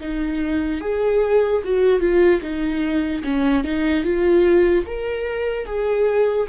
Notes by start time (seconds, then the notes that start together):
0.00 D#4
0.81 G#4
1.64 F#4
2.00 F4
2.42 D#4
3.23 C#4
3.64 D#4
4.04 F4
4.86 A#4
5.66 G#4